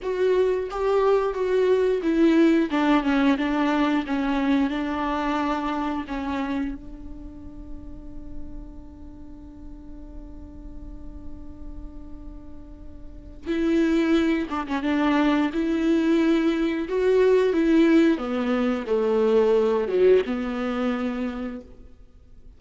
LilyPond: \new Staff \with { instrumentName = "viola" } { \time 4/4 \tempo 4 = 89 fis'4 g'4 fis'4 e'4 | d'8 cis'8 d'4 cis'4 d'4~ | d'4 cis'4 d'2~ | d'1~ |
d'1 | e'4. d'16 cis'16 d'4 e'4~ | e'4 fis'4 e'4 b4 | a4. fis8 b2 | }